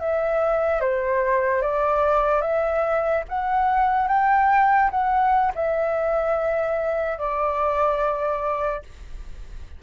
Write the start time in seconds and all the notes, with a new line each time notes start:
0.00 E5
0.81 C5
1.62 D5
2.41 E5
3.29 F#5
4.08 G5
4.91 F#5
5.55 E5
7.18 D5